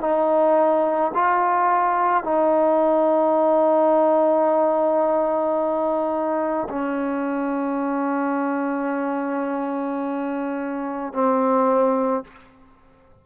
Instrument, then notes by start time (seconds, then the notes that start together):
trombone
0.00 D#4
1.14 F4
2.23 D#4
6.69 C#4
11.13 C4